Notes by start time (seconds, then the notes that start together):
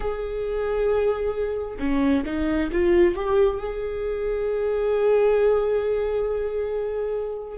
0.00 G#4
1.79 C#4
2.25 D#4
2.72 F4
3.15 G4
3.59 G#4